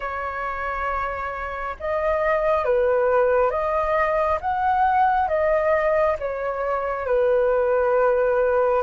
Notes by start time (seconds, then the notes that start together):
0.00 C#5
1.79 D#5
2.64 B4
3.50 D#5
4.40 F#5
5.28 D#5
6.19 C#5
7.06 B4